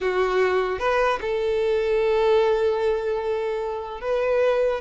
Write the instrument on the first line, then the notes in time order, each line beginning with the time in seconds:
violin
0.00 F#4
0.79 B4
1.21 A4
4.00 B4